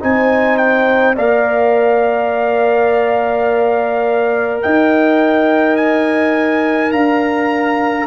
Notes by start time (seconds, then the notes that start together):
0.00 C4 D#4 C5 G#5
0.57 G5
1.16 A#3 A#4 D5 F5
4.62 D#4 D#5 G5
5.76 G#5
6.91 D4 F5 A#5